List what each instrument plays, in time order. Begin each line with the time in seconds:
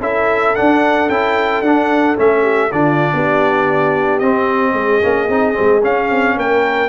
0.00 tuba C#4, trombone E4, horn A4, trumpet E5
0.55 trombone D4, tuba D4, trumpet F#5
1.09 tuba C#4, trombone E4, trumpet G5
1.61 tuba D4, trombone D4, trumpet F#5
2.16 tuba A3, trombone C#4, trumpet E5
2.42 horn G4
2.71 tuba D3, trombone D4, horn F4, trumpet D5
3.13 tuba B3, horn G4
4.19 tuba C4, trombone C4, trumpet D#5
4.73 tuba G#3, horn G#4
5.02 tuba A#3, trombone C#4
5.28 tuba C4, trombone D#4
5.54 tuba G#3, trombone C4
5.82 trombone C#4, tuba C#4, trumpet F5
6.10 tuba C4
6.36 tuba A#3, horn A#4, trumpet G5